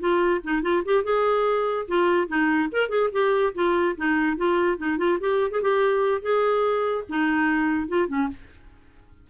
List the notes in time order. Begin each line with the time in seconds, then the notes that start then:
0.00 F4
0.44 D#4
0.62 F4
0.85 G4
1.04 G#4
1.88 F4
2.28 D#4
2.72 A#4
2.89 G#4
3.12 G4
3.55 F4
3.97 D#4
4.37 F4
4.78 D#4
4.98 F4
5.20 G4
5.51 G#4
5.62 G4
6.22 G#4
7.09 D#4
7.88 F4
8.08 C#4